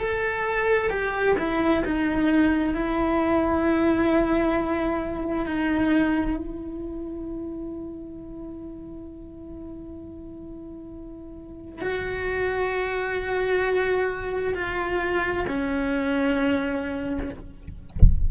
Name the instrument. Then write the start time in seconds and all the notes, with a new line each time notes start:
cello
0.00 A4
0.90 G4
1.38 E4
1.85 D#4
2.74 E4
5.46 D#4
6.37 E4
11.81 F#4
14.55 F4
15.48 C#4